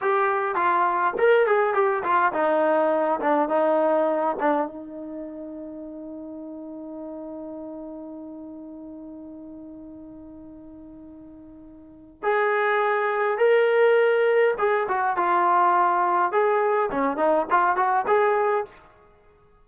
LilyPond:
\new Staff \with { instrumentName = "trombone" } { \time 4/4 \tempo 4 = 103 g'4 f'4 ais'8 gis'8 g'8 f'8 | dis'4. d'8 dis'4. d'8 | dis'1~ | dis'1~ |
dis'1~ | dis'4 gis'2 ais'4~ | ais'4 gis'8 fis'8 f'2 | gis'4 cis'8 dis'8 f'8 fis'8 gis'4 | }